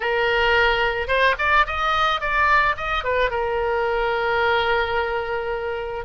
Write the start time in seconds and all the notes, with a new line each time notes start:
0.00 A#4
1.07 C5
1.38 D5
1.66 D#5
2.20 D5
2.76 D#5
3.04 B4
3.30 A#4